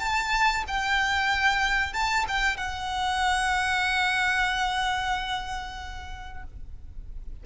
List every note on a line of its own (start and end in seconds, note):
0.00 0.65 A5
0.68 1.93 G5
1.93 2.26 A5
2.28 2.57 G5
2.57 6.44 F#5